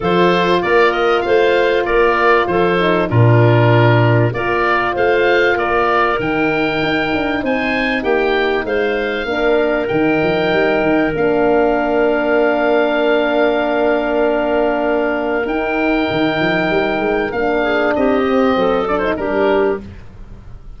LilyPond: <<
  \new Staff \with { instrumentName = "oboe" } { \time 4/4 \tempo 4 = 97 c''4 d''8 dis''8 f''4 d''4 | c''4 ais'2 d''4 | f''4 d''4 g''2 | gis''4 g''4 f''2 |
g''2 f''2~ | f''1~ | f''4 g''2. | f''4 dis''4. d''16 c''16 ais'4 | }
  \new Staff \with { instrumentName = "clarinet" } { \time 4/4 a'4 ais'4 c''4 ais'4 | a'4 f'2 ais'4 | c''4 ais'2. | c''4 g'4 c''4 ais'4~ |
ais'1~ | ais'1~ | ais'1~ | ais'8 gis'8 g'4 a'4 g'4 | }
  \new Staff \with { instrumentName = "horn" } { \time 4/4 f'1~ | f'8 dis'8 d'2 f'4~ | f'2 dis'2~ | dis'2. d'4 |
dis'2 d'2~ | d'1~ | d'4 dis'2. | d'4. c'4 d'16 dis'16 d'4 | }
  \new Staff \with { instrumentName = "tuba" } { \time 4/4 f4 ais4 a4 ais4 | f4 ais,2 ais4 | a4 ais4 dis4 dis'8 d'8 | c'4 ais4 gis4 ais4 |
dis8 f8 g8 dis8 ais2~ | ais1~ | ais4 dis'4 dis8 f8 g8 gis8 | ais4 c'4 fis4 g4 | }
>>